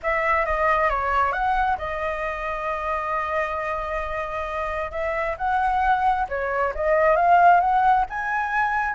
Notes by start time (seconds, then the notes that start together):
0.02 E5
0.45 D#5
0.89 C#5
1.32 F#5
1.78 D#5
4.91 E5
5.37 F#5
6.28 C#5
6.74 D#5
7.16 F5
7.60 F#5
8.09 G#5